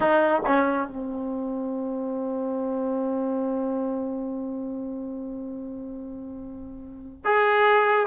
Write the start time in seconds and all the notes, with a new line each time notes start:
0.00 D#4
0.46 C#4
0.87 C4
7.25 G#4